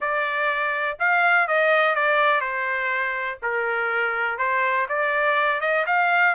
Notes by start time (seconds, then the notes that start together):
0.00 D5
0.99 F5
1.47 D#5
1.95 D5
2.41 C5
3.42 A#4
4.37 C5
4.88 D5
5.61 D#5
5.86 F5